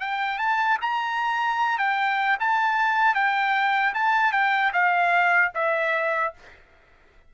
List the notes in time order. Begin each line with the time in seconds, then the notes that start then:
0.00 G5
0.38 A5
0.81 A#5
1.78 G5
2.39 A5
3.14 G5
3.94 A5
4.32 G5
4.73 F5
5.55 E5